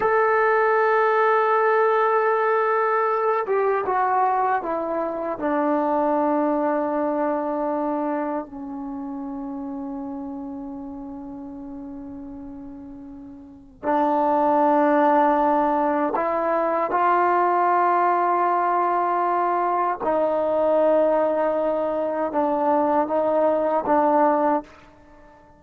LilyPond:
\new Staff \with { instrumentName = "trombone" } { \time 4/4 \tempo 4 = 78 a'1~ | a'8 g'8 fis'4 e'4 d'4~ | d'2. cis'4~ | cis'1~ |
cis'2 d'2~ | d'4 e'4 f'2~ | f'2 dis'2~ | dis'4 d'4 dis'4 d'4 | }